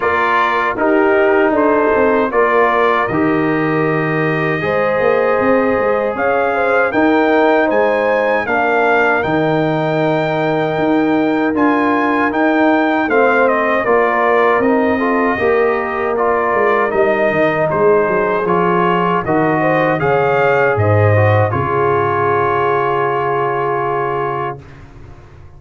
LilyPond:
<<
  \new Staff \with { instrumentName = "trumpet" } { \time 4/4 \tempo 4 = 78 d''4 ais'4 c''4 d''4 | dis''1 | f''4 g''4 gis''4 f''4 | g''2. gis''4 |
g''4 f''8 dis''8 d''4 dis''4~ | dis''4 d''4 dis''4 c''4 | cis''4 dis''4 f''4 dis''4 | cis''1 | }
  \new Staff \with { instrumentName = "horn" } { \time 4/4 ais'4 g'4 a'4 ais'4~ | ais'2 c''2 | cis''8 c''8 ais'4 c''4 ais'4~ | ais'1~ |
ais'4 c''4 ais'4. a'8 | ais'2. gis'4~ | gis'4 ais'8 c''8 cis''4 c''4 | gis'1 | }
  \new Staff \with { instrumentName = "trombone" } { \time 4/4 f'4 dis'2 f'4 | g'2 gis'2~ | gis'4 dis'2 d'4 | dis'2. f'4 |
dis'4 c'4 f'4 dis'8 f'8 | g'4 f'4 dis'2 | f'4 fis'4 gis'4. fis'8 | f'1 | }
  \new Staff \with { instrumentName = "tuba" } { \time 4/4 ais4 dis'4 d'8 c'8 ais4 | dis2 gis8 ais8 c'8 gis8 | cis'4 dis'4 gis4 ais4 | dis2 dis'4 d'4 |
dis'4 a4 ais4 c'4 | ais4. gis8 g8 dis8 gis8 fis8 | f4 dis4 cis4 gis,4 | cis1 | }
>>